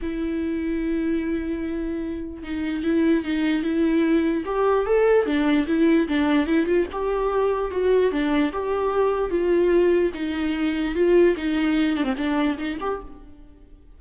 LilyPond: \new Staff \with { instrumentName = "viola" } { \time 4/4 \tempo 4 = 148 e'1~ | e'2 dis'4 e'4 | dis'4 e'2 g'4 | a'4 d'4 e'4 d'4 |
e'8 f'8 g'2 fis'4 | d'4 g'2 f'4~ | f'4 dis'2 f'4 | dis'4. d'16 c'16 d'4 dis'8 g'8 | }